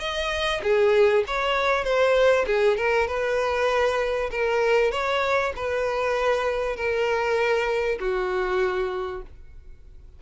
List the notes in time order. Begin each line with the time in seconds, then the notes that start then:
0.00 D#5
0.63 G#4
1.27 C#5
1.85 C5
2.47 G#4
2.77 A#4
3.08 B4
4.31 A#4
4.92 C#5
5.56 B4
6.77 A#4
8.00 F#4